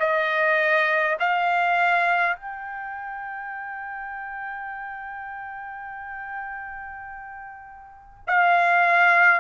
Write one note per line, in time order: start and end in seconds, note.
0.00 1.18 D#5
1.20 2.36 F5
2.36 8.25 G5
8.28 9.41 F5